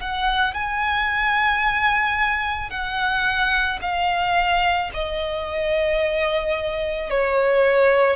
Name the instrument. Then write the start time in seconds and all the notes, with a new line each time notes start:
violin
0.00 F#5
0.54 G#5
2.70 F#5
3.81 F5
4.93 D#5
7.10 C#5